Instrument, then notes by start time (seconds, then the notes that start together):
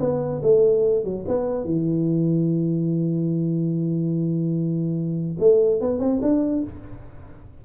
tuba
0.00 B3
0.43 A3
1.04 F#3
1.28 B3
1.65 E3
5.39 A3
5.81 B3
5.99 C4
6.22 D4